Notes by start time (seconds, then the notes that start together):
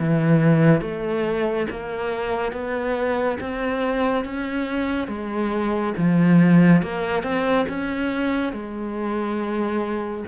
0.00 E3
0.81 A3
1.71 A#3
2.52 B3
3.41 C4
4.25 C#4
5.08 G#3
5.98 F3
6.83 A#3
7.24 C4
7.69 C#4
8.53 G#3